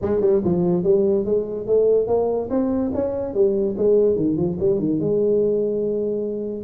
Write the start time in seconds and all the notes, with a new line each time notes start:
0.01 G#3
0.20 G3
0.44 F3
0.83 G3
1.25 G#3
1.67 A3
2.07 A#3
2.50 C4
2.94 C#4
3.34 G3
3.77 G#3
4.16 D#3
4.37 F3
4.59 G3
4.79 D#3
5.00 G#3